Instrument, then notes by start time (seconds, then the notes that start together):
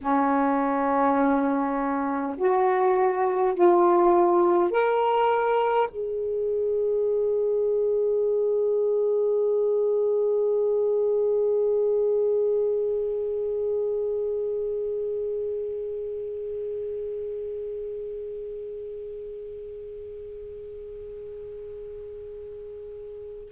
saxophone
0.00 C#4
2.37 F#4
3.54 F4
4.71 A#4
5.90 G#4